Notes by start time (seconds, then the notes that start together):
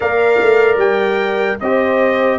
0.00 A#3 A#4 D5 F5
0.41 A3
0.76 G3 G5
1.60 C4 G4 C5 D#5